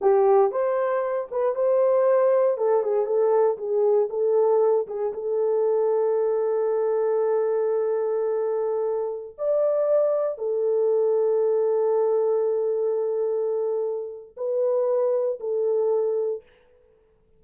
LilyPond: \new Staff \with { instrumentName = "horn" } { \time 4/4 \tempo 4 = 117 g'4 c''4. b'8 c''4~ | c''4 a'8 gis'8 a'4 gis'4 | a'4. gis'8 a'2~ | a'1~ |
a'2~ a'16 d''4.~ d''16~ | d''16 a'2.~ a'8.~ | a'1 | b'2 a'2 | }